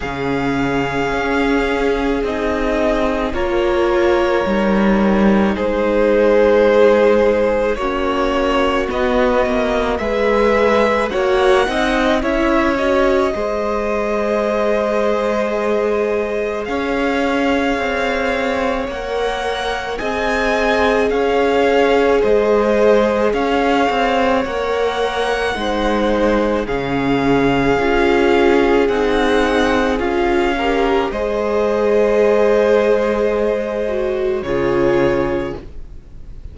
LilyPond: <<
  \new Staff \with { instrumentName = "violin" } { \time 4/4 \tempo 4 = 54 f''2 dis''4 cis''4~ | cis''4 c''2 cis''4 | dis''4 e''4 fis''4 e''8 dis''8~ | dis''2. f''4~ |
f''4 fis''4 gis''4 f''4 | dis''4 f''4 fis''2 | f''2 fis''4 f''4 | dis''2. cis''4 | }
  \new Staff \with { instrumentName = "violin" } { \time 4/4 gis'2. ais'4~ | ais'4 gis'2 fis'4~ | fis'4 b'4 cis''8 dis''8 cis''4 | c''2. cis''4~ |
cis''2 dis''4 cis''4 | c''4 cis''2 c''4 | gis'2.~ gis'8 ais'8 | c''2. gis'4 | }
  \new Staff \with { instrumentName = "viola" } { \time 4/4 cis'2 dis'4 f'4 | dis'2. cis'4 | b4 gis'4 fis'8 dis'8 e'8 fis'8 | gis'1~ |
gis'4 ais'4 gis'2~ | gis'2 ais'4 dis'4 | cis'4 f'4 dis'4 f'8 g'8 | gis'2~ gis'8 fis'8 f'4 | }
  \new Staff \with { instrumentName = "cello" } { \time 4/4 cis4 cis'4 c'4 ais4 | g4 gis2 ais4 | b8 ais8 gis4 ais8 c'8 cis'4 | gis2. cis'4 |
c'4 ais4 c'4 cis'4 | gis4 cis'8 c'8 ais4 gis4 | cis4 cis'4 c'4 cis'4 | gis2. cis4 | }
>>